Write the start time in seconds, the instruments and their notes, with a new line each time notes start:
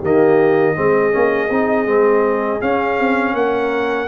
0.00 tuba D#3, trombone A#3, horn G4, trumpet D#5
0.76 tuba G#3, trombone C4, horn G#4
1.12 tuba A#3, trombone C#4
1.50 tuba C4, trombone D#4
1.86 tuba G#3, trombone C4
2.61 trombone C#4, tuba C#4, trumpet F5
2.99 tuba C4
3.34 tuba A#3, horn A#4, trumpet F#5